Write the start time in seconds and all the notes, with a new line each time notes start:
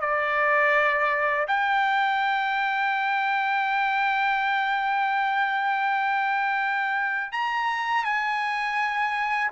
0.00 D5
1.47 G5
7.32 A#5
8.04 G#5